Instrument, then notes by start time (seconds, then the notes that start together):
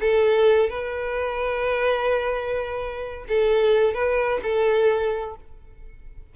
violin
0.00 A4
0.69 B4
3.28 A4
3.94 B4
4.42 A4